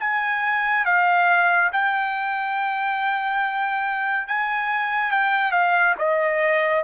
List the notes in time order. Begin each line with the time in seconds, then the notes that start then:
0.00 G#5
0.85 F5
1.73 G5
4.28 G#5
5.12 G5
5.52 F5
5.99 D#5